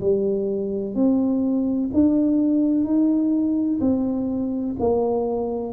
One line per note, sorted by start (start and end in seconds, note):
0.00 0.95 G3
0.95 1.90 C4
1.93 2.84 D4
2.84 3.79 D#4
3.80 4.75 C4
4.79 5.73 A#3